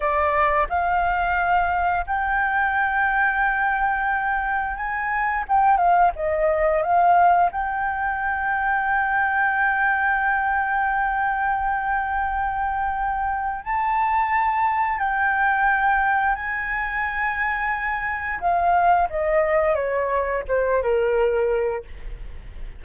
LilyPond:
\new Staff \with { instrumentName = "flute" } { \time 4/4 \tempo 4 = 88 d''4 f''2 g''4~ | g''2. gis''4 | g''8 f''8 dis''4 f''4 g''4~ | g''1~ |
g''1 | a''2 g''2 | gis''2. f''4 | dis''4 cis''4 c''8 ais'4. | }